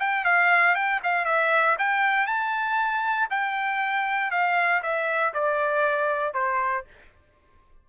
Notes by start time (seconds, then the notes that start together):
0.00 G5
0.25 F5
0.75 G5
1.04 F5
1.25 E5
1.79 G5
2.27 A5
3.31 G5
4.31 F5
4.83 E5
5.34 D5
6.34 C5